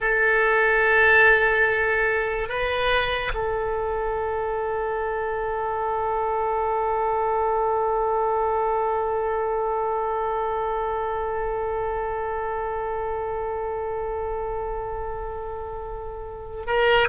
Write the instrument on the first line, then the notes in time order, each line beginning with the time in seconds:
oboe
0.00 A4
2.48 B4
3.33 A4
16.66 A#4